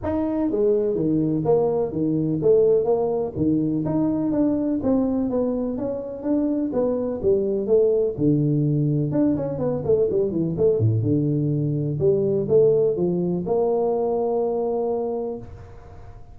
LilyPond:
\new Staff \with { instrumentName = "tuba" } { \time 4/4 \tempo 4 = 125 dis'4 gis4 dis4 ais4 | dis4 a4 ais4 dis4 | dis'4 d'4 c'4 b4 | cis'4 d'4 b4 g4 |
a4 d2 d'8 cis'8 | b8 a8 g8 e8 a8 a,8 d4~ | d4 g4 a4 f4 | ais1 | }